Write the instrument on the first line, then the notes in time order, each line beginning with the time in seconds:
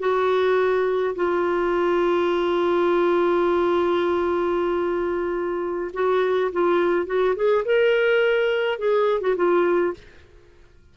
clarinet
0.00 F#4
1.16 F4
5.94 F#4
6.52 F4
7.07 F#4
7.36 G#4
7.65 A#4
8.79 G#4
9.22 F#4
9.37 F4